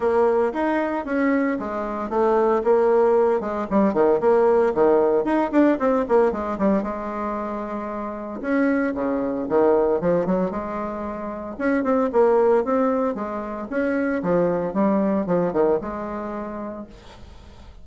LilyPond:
\new Staff \with { instrumentName = "bassoon" } { \time 4/4 \tempo 4 = 114 ais4 dis'4 cis'4 gis4 | a4 ais4. gis8 g8 dis8 | ais4 dis4 dis'8 d'8 c'8 ais8 | gis8 g8 gis2. |
cis'4 cis4 dis4 f8 fis8 | gis2 cis'8 c'8 ais4 | c'4 gis4 cis'4 f4 | g4 f8 dis8 gis2 | }